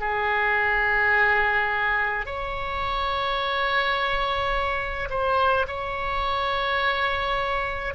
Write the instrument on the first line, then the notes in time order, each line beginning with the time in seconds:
oboe
0.00 G#4
2.25 C#5
5.09 C5
5.67 C#5